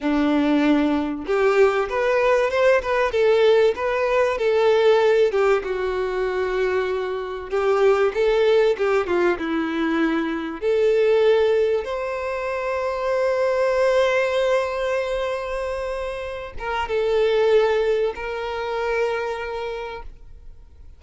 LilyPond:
\new Staff \with { instrumentName = "violin" } { \time 4/4 \tempo 4 = 96 d'2 g'4 b'4 | c''8 b'8 a'4 b'4 a'4~ | a'8 g'8 fis'2. | g'4 a'4 g'8 f'8 e'4~ |
e'4 a'2 c''4~ | c''1~ | c''2~ c''8 ais'8 a'4~ | a'4 ais'2. | }